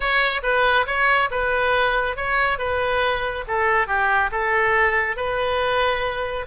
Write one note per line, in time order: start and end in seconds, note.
0.00 0.41 C#5
0.42 0.85 B4
0.86 1.29 C#5
1.30 2.16 B4
2.16 2.58 C#5
2.58 3.44 B4
3.47 3.87 A4
3.87 4.30 G4
4.31 5.16 A4
5.16 6.46 B4